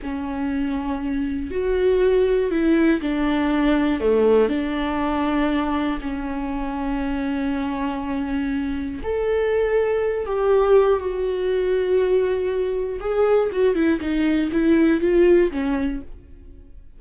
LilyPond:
\new Staff \with { instrumentName = "viola" } { \time 4/4 \tempo 4 = 120 cis'2. fis'4~ | fis'4 e'4 d'2 | a4 d'2. | cis'1~ |
cis'2 a'2~ | a'8 g'4. fis'2~ | fis'2 gis'4 fis'8 e'8 | dis'4 e'4 f'4 cis'4 | }